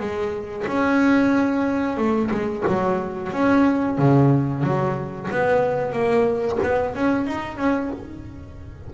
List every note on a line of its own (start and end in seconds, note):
0.00 0.66 G#3
0.67 1.98 C#4
1.98 2.31 A3
2.32 2.65 G#3
2.67 3.33 F#3
3.33 3.98 C#4
3.98 4.64 C#3
4.64 5.30 F#3
5.31 5.93 B3
5.93 6.59 A#3
6.64 6.96 B3
6.96 7.27 C#4
7.27 7.58 D#4
7.58 7.91 C#4